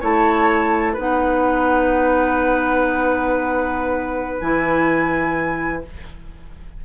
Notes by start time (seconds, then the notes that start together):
0.00 A3 E4 C#5 A5
0.93 B3 D#4 B4 F#5
4.40 E3 E4 G#5